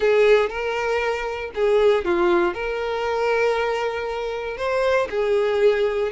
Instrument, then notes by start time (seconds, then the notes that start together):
violin
0.00 G#4
0.49 A#4
1.54 G#4
2.05 F4
2.54 A#4
4.57 C5
5.09 G#4